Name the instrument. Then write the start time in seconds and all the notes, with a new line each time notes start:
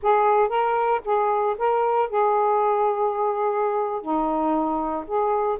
saxophone
0.02 G#4
0.49 A#4
1.04 G#4
1.58 A#4
2.09 G#4
4.01 D#4
5.06 G#4